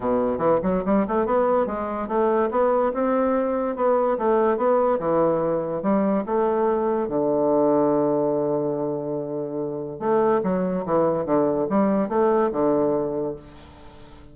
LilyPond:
\new Staff \with { instrumentName = "bassoon" } { \time 4/4 \tempo 4 = 144 b,4 e8 fis8 g8 a8 b4 | gis4 a4 b4 c'4~ | c'4 b4 a4 b4 | e2 g4 a4~ |
a4 d2.~ | d1 | a4 fis4 e4 d4 | g4 a4 d2 | }